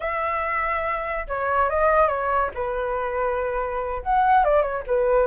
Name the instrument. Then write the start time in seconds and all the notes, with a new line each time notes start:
flute
0.00 E5
1.27 C#5
1.69 D#5
2.08 C#5
2.54 B4
4.02 F#5
4.44 D5
4.62 C#5
4.86 B4